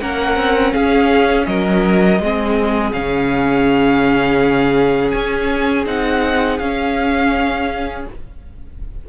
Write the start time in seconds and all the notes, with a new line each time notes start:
0.00 A#3 C#4 A#4 F#5
0.36 C4
0.73 C#4 G#4 F5
1.46 F#3 A#4 D#5
2.19 G#3 C4 G#4
2.92 C#3 C#4 F5
5.10 C#4 G#5
5.85 C4 D#4 F#5
6.58 C#4 F5